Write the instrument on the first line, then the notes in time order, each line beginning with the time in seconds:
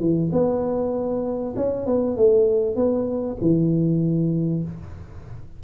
tuba
0.00 E3
0.33 B3
1.56 C#4
1.86 B3
2.17 A3
2.76 B3
3.41 E3